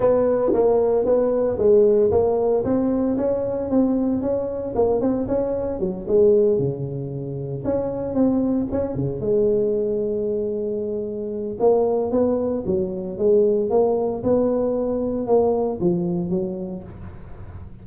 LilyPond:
\new Staff \with { instrumentName = "tuba" } { \time 4/4 \tempo 4 = 114 b4 ais4 b4 gis4 | ais4 c'4 cis'4 c'4 | cis'4 ais8 c'8 cis'4 fis8 gis8~ | gis8 cis2 cis'4 c'8~ |
c'8 cis'8 cis8 gis2~ gis8~ | gis2 ais4 b4 | fis4 gis4 ais4 b4~ | b4 ais4 f4 fis4 | }